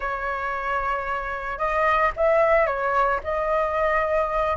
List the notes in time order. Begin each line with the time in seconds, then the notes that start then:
0.00 C#5
1.58 D#5
2.16 E5
2.66 C#5
3.23 D#5